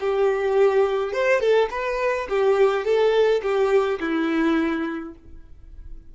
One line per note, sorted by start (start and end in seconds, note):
0.00 1.13 G4
1.13 1.40 C5
1.40 1.69 A4
1.70 2.27 B4
2.29 2.84 G4
2.84 3.42 A4
3.42 3.99 G4
4.00 5.14 E4